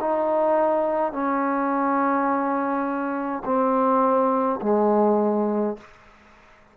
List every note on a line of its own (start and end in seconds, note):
0.00 1.12 D#4
1.12 3.43 C#4
3.45 4.60 C4
4.62 5.77 G#3